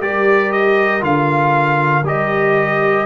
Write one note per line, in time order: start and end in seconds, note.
0.00 1.02 G3
0.00 1.01 G4
0.00 3.05 A#4
0.00 0.51 D5
0.51 1.02 D#5
1.01 2.03 D3
1.01 2.02 F4
1.01 2.06 F5
2.03 3.05 G3
2.03 3.05 G4
2.03 3.05 D#5